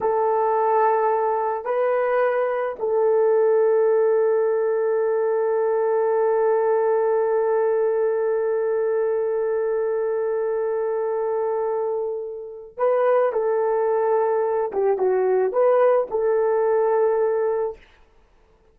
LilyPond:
\new Staff \with { instrumentName = "horn" } { \time 4/4 \tempo 4 = 108 a'2. b'4~ | b'4 a'2.~ | a'1~ | a'1~ |
a'1~ | a'2. b'4 | a'2~ a'8 g'8 fis'4 | b'4 a'2. | }